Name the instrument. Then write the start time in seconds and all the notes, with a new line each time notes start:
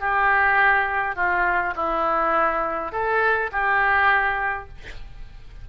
oboe
0.00 G4
1.16 F4
1.76 E4
2.92 A4
3.52 G4